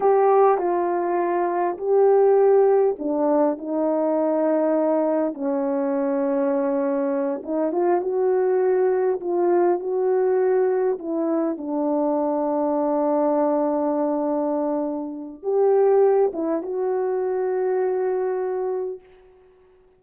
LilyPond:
\new Staff \with { instrumentName = "horn" } { \time 4/4 \tempo 4 = 101 g'4 f'2 g'4~ | g'4 d'4 dis'2~ | dis'4 cis'2.~ | cis'8 dis'8 f'8 fis'2 f'8~ |
f'8 fis'2 e'4 d'8~ | d'1~ | d'2 g'4. e'8 | fis'1 | }